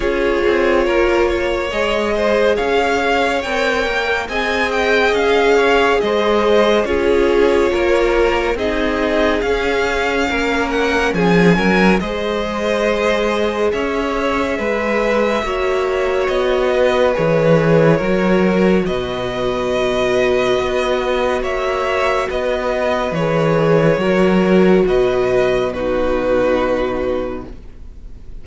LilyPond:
<<
  \new Staff \with { instrumentName = "violin" } { \time 4/4 \tempo 4 = 70 cis''2 dis''4 f''4 | g''4 gis''8 g''8 f''4 dis''4 | cis''2 dis''4 f''4~ | f''8 fis''8 gis''4 dis''2 |
e''2. dis''4 | cis''2 dis''2~ | dis''4 e''4 dis''4 cis''4~ | cis''4 dis''4 b'2 | }
  \new Staff \with { instrumentName = "violin" } { \time 4/4 gis'4 ais'8 cis''4 c''8 cis''4~ | cis''4 dis''4. cis''8 c''4 | gis'4 ais'4 gis'2 | ais'4 gis'8 ais'8 c''2 |
cis''4 b'4 cis''4. b'8~ | b'4 ais'4 b'2~ | b'4 cis''4 b'2 | ais'4 b'4 fis'2 | }
  \new Staff \with { instrumentName = "viola" } { \time 4/4 f'2 gis'2 | ais'4 gis'2. | f'2 dis'4 cis'4~ | cis'2 gis'2~ |
gis'2 fis'2 | gis'4 fis'2.~ | fis'2. gis'4 | fis'2 dis'2 | }
  \new Staff \with { instrumentName = "cello" } { \time 4/4 cis'8 c'8 ais4 gis4 cis'4 | c'8 ais8 c'4 cis'4 gis4 | cis'4 ais4 c'4 cis'4 | ais4 f8 fis8 gis2 |
cis'4 gis4 ais4 b4 | e4 fis4 b,2 | b4 ais4 b4 e4 | fis4 b,2. | }
>>